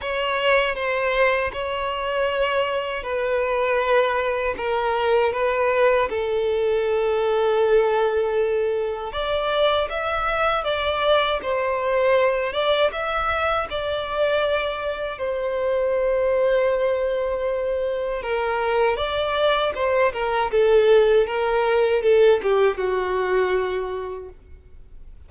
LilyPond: \new Staff \with { instrumentName = "violin" } { \time 4/4 \tempo 4 = 79 cis''4 c''4 cis''2 | b'2 ais'4 b'4 | a'1 | d''4 e''4 d''4 c''4~ |
c''8 d''8 e''4 d''2 | c''1 | ais'4 d''4 c''8 ais'8 a'4 | ais'4 a'8 g'8 fis'2 | }